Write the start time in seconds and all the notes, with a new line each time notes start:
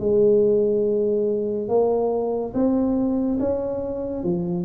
0.00 G#3
1.69 A#3
2.54 C4
3.40 C#4
4.24 F3